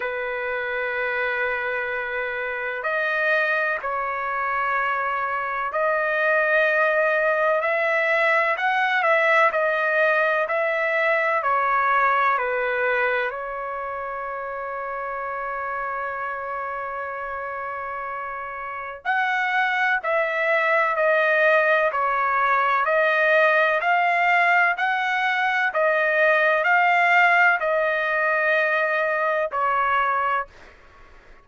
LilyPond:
\new Staff \with { instrumentName = "trumpet" } { \time 4/4 \tempo 4 = 63 b'2. dis''4 | cis''2 dis''2 | e''4 fis''8 e''8 dis''4 e''4 | cis''4 b'4 cis''2~ |
cis''1 | fis''4 e''4 dis''4 cis''4 | dis''4 f''4 fis''4 dis''4 | f''4 dis''2 cis''4 | }